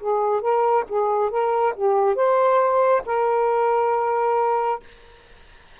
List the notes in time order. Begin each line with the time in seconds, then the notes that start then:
0.00 G#4
0.41 A#4
0.89 G#4
1.30 A#4
1.75 G4
2.15 C5
3.06 A#4